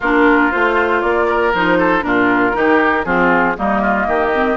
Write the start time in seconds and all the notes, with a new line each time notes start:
0.00 A#3 D4 F4 A#4
0.51 A3 F4 C5
1.01 A#3 D5
1.28 A#4
1.54 F3 D#4 C5
1.78 A4
2.01 A#2 D4 F4 A#4
2.52 D#3 D#4 G4
3.04 F3 C4 F4 G#4
3.56 G3 A#3 D#4 D#5
3.81 F4
4.07 D#3 G4
4.33 C4